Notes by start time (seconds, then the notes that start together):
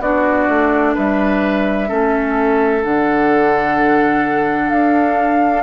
0.00 B3 D4 F#4 D5
0.48 A3
0.95 G3 B4 E5
1.88 A3 C#4 A4
2.83 D3 D4 F#5
4.70 D4 F5